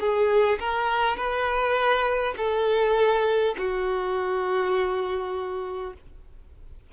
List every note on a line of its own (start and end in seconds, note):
0.00 0.59 G#4
0.59 1.17 A#4
1.17 2.34 B4
2.37 3.55 A4
3.58 5.93 F#4